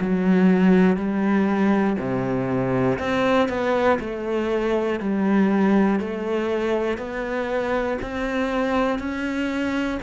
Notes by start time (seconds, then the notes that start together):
0.00 F#3
0.96 G3
1.98 C3
2.99 C4
3.48 B3
4.00 A3
4.99 G3
5.99 A3
6.98 B3
8.02 C4
8.99 C#4